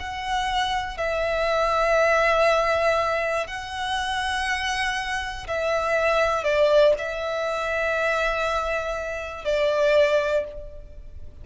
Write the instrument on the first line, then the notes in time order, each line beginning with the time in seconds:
violin
0.00 F#5
0.98 E5
3.47 F#5
5.48 E5
6.44 D5
6.98 E5
9.45 D5